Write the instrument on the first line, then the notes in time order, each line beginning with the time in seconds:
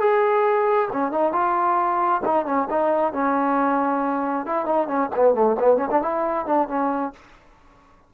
trombone
0.00 G#4
0.93 C#4
1.12 D#4
1.33 F4
2.26 D#4
2.46 C#4
2.70 D#4
3.13 C#4
4.46 E4
4.66 D#4
4.88 C#4
5.16 B3
5.35 A3
5.59 B3
5.77 C#4
5.91 D4
6.02 E4
6.46 D4
6.68 C#4